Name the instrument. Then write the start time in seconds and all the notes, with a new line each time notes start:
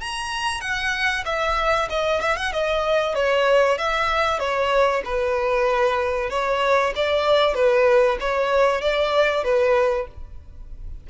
violin
0.00 A#5
0.60 F#5
1.25 E5
1.89 D#5
2.20 E5
2.36 F#5
2.52 D#5
3.14 C#5
3.78 E5
4.39 C#5
5.04 B4
6.30 C#5
6.95 D5
7.54 B4
8.20 C#5
8.81 D5
9.44 B4